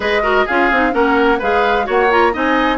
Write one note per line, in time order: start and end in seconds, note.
0.00 0.45 G#3
0.00 0.22 G#4
0.00 0.21 B4
0.00 0.47 D#5
0.22 0.46 F#4
0.22 0.45 A#4
0.45 0.71 C#4
0.45 0.72 F4
0.45 0.92 G#4
0.45 0.94 F5
0.71 0.94 C4
0.71 0.91 D#4
0.91 1.41 A#3
0.91 1.38 C#4
0.91 1.39 A#4
0.91 1.41 F#5
1.39 1.88 G#3
1.39 1.83 G#4
1.39 1.85 B4
1.39 1.89 F5
1.83 2.35 A#3
1.83 2.07 F#4
1.83 2.33 C#5
1.90 2.11 F#5
2.10 2.32 F4
2.10 2.35 A#5
2.32 2.78 C4
2.32 2.78 D#4
2.32 2.78 D#5
2.32 2.78 G#5